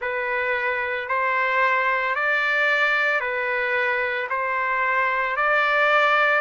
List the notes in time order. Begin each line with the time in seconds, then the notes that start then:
0.00 B4
1.08 C5
2.15 D5
3.20 B4
4.29 C5
5.36 D5